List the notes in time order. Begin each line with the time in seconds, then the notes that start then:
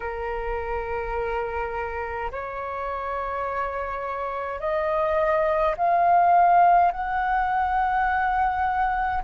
0.00 A#4
2.31 C#5
4.59 D#5
5.77 F5
6.91 F#5